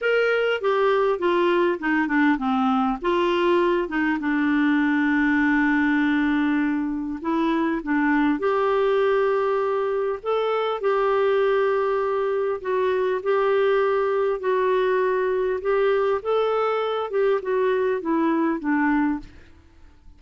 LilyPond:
\new Staff \with { instrumentName = "clarinet" } { \time 4/4 \tempo 4 = 100 ais'4 g'4 f'4 dis'8 d'8 | c'4 f'4. dis'8 d'4~ | d'1 | e'4 d'4 g'2~ |
g'4 a'4 g'2~ | g'4 fis'4 g'2 | fis'2 g'4 a'4~ | a'8 g'8 fis'4 e'4 d'4 | }